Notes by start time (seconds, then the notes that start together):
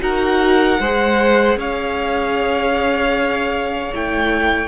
0.00 D#4 F#4 A#4 F#5
0.79 G#3 G#4 C5
1.56 C#4 C#5 F5
3.93 A3 E4 G5